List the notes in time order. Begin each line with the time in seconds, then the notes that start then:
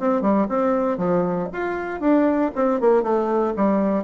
0.00 C4
0.22 G3
0.49 C4
0.98 F3
1.53 F4
2.00 D4
2.55 C4
2.80 A#3
3.03 A3
3.57 G3